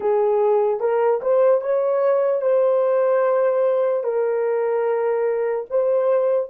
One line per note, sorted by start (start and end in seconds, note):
0.00 0.80 G#4
0.80 1.20 A#4
1.21 1.61 C5
1.61 2.41 C#5
2.41 4.03 C5
4.03 5.65 A#4
5.70 6.49 C5